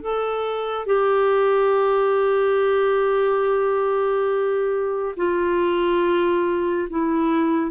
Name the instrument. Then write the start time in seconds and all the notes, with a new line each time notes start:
clarinet
0.00 A4
0.86 G4
5.17 F4
6.90 E4